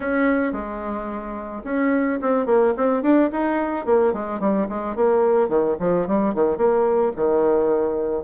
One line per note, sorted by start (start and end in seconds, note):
0.00 0.52 C#4
0.52 1.62 G#3
1.64 2.19 C#4
2.21 2.46 C4
2.46 2.73 A#3
2.76 3.02 C4
3.02 3.30 D4
3.32 3.85 D#4
3.85 4.13 A#3
4.13 4.39 G#3
4.39 4.67 G3
4.68 4.95 G#3
4.95 5.48 A#3
5.48 5.76 D#3
5.79 6.07 F3
6.07 6.34 G3
6.34 6.57 D#3
6.57 7.12 A#3
7.16 8.23 D#3